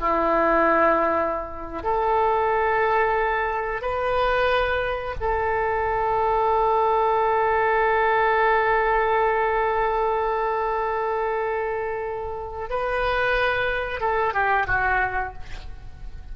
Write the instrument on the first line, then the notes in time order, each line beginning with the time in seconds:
oboe
0.00 E4
1.83 A4
3.82 B4
5.21 A4
12.70 B4
14.01 A4
14.34 G4
14.67 F#4